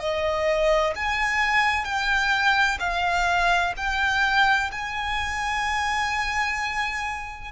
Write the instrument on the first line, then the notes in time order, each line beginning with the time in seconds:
violin
0.00 D#5
0.96 G#5
1.85 G5
2.80 F5
3.77 G5
4.72 G#5